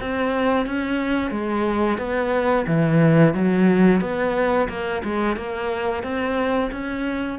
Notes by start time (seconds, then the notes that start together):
0.00 C4
0.66 C#4
1.31 G#3
1.98 B3
2.67 E3
3.34 F#3
4.01 B3
4.69 A#3
5.04 G#3
5.37 A#3
6.03 C4
6.72 C#4